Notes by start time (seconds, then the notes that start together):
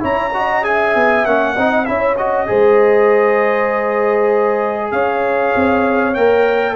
0.00 C#4 E4 C#5 A#5
0.34 F#4 D#5
0.63 G#4 E5 G#5
0.96 B3
1.26 A#3 C#4 F#5
1.55 C4 D#4 D#5
1.85 C#4 E4 C#5 E5
2.17 F#4 D#5
2.47 G#3 G#4 C5
4.92 C#4 C#5 F5
5.56 C4
6.15 A#3 A#4 G5